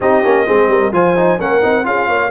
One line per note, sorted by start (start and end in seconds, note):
0.00 0.24 C4
0.00 0.24 D#4
0.00 0.46 G4
0.00 0.93 D#5
0.24 0.47 A#3
0.24 0.46 C#4
0.46 0.67 G#3
0.46 0.92 C4
0.46 0.69 G#4
0.67 0.91 G3
0.67 0.93 A#4
0.92 1.38 F3
0.92 1.15 F4
0.92 1.39 C5
0.92 1.40 G#5
1.16 1.38 D#4
1.38 1.63 A#3
1.38 1.61 C#4
1.38 1.85 A#4
1.38 1.85 F#5
1.61 1.85 C4
1.61 1.83 D#4
1.83 2.08 C#4
1.83 2.30 F4
1.83 2.07 G#4
1.83 2.31 F5
2.07 2.31 A#3
2.07 2.30 C#5